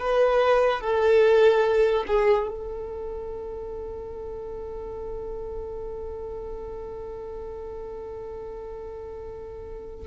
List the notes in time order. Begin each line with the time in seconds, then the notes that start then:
0.00 B4
0.81 A4
2.08 G#4
2.48 A4